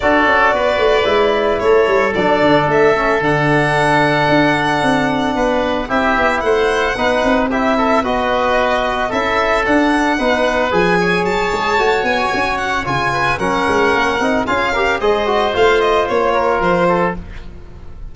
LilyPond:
<<
  \new Staff \with { instrumentName = "violin" } { \time 4/4 \tempo 4 = 112 d''2. cis''4 | d''4 e''4 fis''2~ | fis''2. e''4 | fis''2 e''4 dis''4~ |
dis''4 e''4 fis''2 | gis''4 a''4. gis''4 fis''8 | gis''4 fis''2 f''4 | dis''4 f''8 dis''8 cis''4 c''4 | }
  \new Staff \with { instrumentName = "oboe" } { \time 4/4 a'4 b'2 a'4~ | a'1~ | a'2 b'4 g'4 | c''4 b'4 g'8 a'8 b'4~ |
b'4 a'2 b'4~ | b'8 cis''2.~ cis''8~ | cis''8 b'8 ais'2 gis'8 ais'8 | c''2~ c''8 ais'4 a'8 | }
  \new Staff \with { instrumentName = "trombone" } { \time 4/4 fis'2 e'2 | d'4. cis'8 d'2~ | d'2. e'4~ | e'4 dis'4 e'4 fis'4~ |
fis'4 e'4 d'4 dis'4 | gis'2 fis'2 | f'4 cis'4. dis'8 f'8 g'8 | gis'8 fis'8 f'2. | }
  \new Staff \with { instrumentName = "tuba" } { \time 4/4 d'8 cis'8 b8 a8 gis4 a8 g8 | fis8 d8 a4 d2 | d'4 c'4 b4 c'8 b8 | a4 b8 c'4. b4~ |
b4 cis'4 d'4 b4 | f4 fis8 gis8 a8 b8 cis'4 | cis4 fis8 gis8 ais8 c'8 cis'4 | gis4 a4 ais4 f4 | }
>>